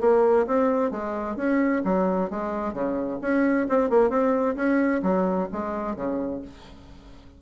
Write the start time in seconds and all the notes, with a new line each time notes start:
0.00 A#3
0.46 C4
0.91 G#3
1.36 C#4
1.84 F#3
2.30 G#3
2.73 C#3
3.21 C#4
3.69 C4
3.90 A#3
4.10 C4
4.56 C#4
5.03 F#3
5.52 G#3
5.95 C#3